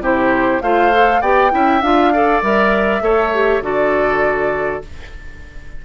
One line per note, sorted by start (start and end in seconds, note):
0.00 0.60 C3
0.00 0.62 E4
0.00 0.62 G4
0.00 0.62 C5
0.62 1.21 A3
0.62 0.92 F4
0.62 1.21 C5
0.62 1.22 F5
0.92 1.22 A4
1.21 1.51 B3
1.21 1.51 G4
1.21 1.51 D5
1.21 1.82 G5
1.51 1.81 C#4
1.51 1.80 E4
1.51 2.13 E5
1.81 2.41 D4
1.81 2.13 F4
1.81 2.42 F5
2.13 2.43 A4
2.13 3.03 D5
2.42 3.01 G3
2.42 3.01 A#4
2.42 3.63 E5
3.01 3.60 A3
3.01 3.31 A4
3.01 3.63 C#5
3.33 3.62 G4
3.60 4.80 D3
3.60 4.82 F#4
3.60 4.85 A4
3.60 4.83 D5